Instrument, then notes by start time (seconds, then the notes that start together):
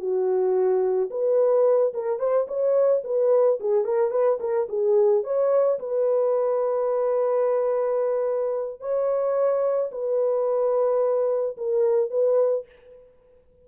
horn
0.00 F#4
1.11 B4
1.94 A#4
2.19 C5
2.48 C#5
3.04 B4
3.60 G#4
3.84 A#4
4.11 B4
4.40 A#4
4.69 G#4
5.24 C#5
5.79 B4
8.80 C#5
9.92 B4
11.57 A#4
12.11 B4